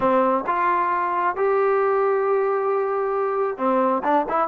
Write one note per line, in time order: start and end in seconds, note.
0.00 0.44 C4
0.46 1.36 F4
1.36 3.57 G4
3.57 4.02 C4
4.03 4.25 D4
4.29 4.48 E4